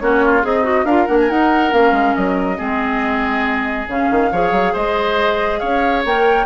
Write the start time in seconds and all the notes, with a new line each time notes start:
0.00 A#3 C#4 F#4 C#5
0.25 F4
0.42 C4 D#4 G#4 D#5
0.64 F#4
0.84 D4 F4 A#4 F5
1.07 A#3 D4 F#5
1.20 G#5
1.29 D#4 F#5
1.71 A#3 C#4 F5
1.92 G#3
2.15 F#3 D#5
2.57 G#3 C4 G#4
3.87 C#3 C#4 F5
4.11 D#3
4.32 F3 G#4 C#5
4.51 F#3
4.73 G#3 C5 D#5
5.60 C#4 C#5 F5
6.05 A#3 A#4 G5